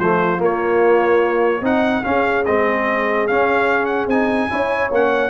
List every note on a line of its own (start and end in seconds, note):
0.00 0.40 F3
0.00 0.39 A3
0.00 1.62 F4
0.00 0.41 C5
0.39 1.62 A#3
0.39 1.66 C#5
1.62 2.03 C4
1.62 2.03 D#4
1.62 2.04 D#4
1.62 2.04 F#5
2.04 2.45 C#4
2.04 2.47 C#4
2.04 4.51 G#4
2.04 2.45 F5
2.46 3.29 G#3
2.46 3.29 C4
2.46 3.28 D#5
3.28 4.07 C#4
3.28 4.11 C#4
3.28 3.86 F5
3.86 4.07 F#5
4.07 4.49 C4
4.07 4.50 D#4
4.07 4.92 G#5
4.50 4.92 C#4
4.50 4.91 E4
4.50 5.31 C#5
4.92 5.31 A#3
4.92 5.31 C#4
4.92 5.31 F#5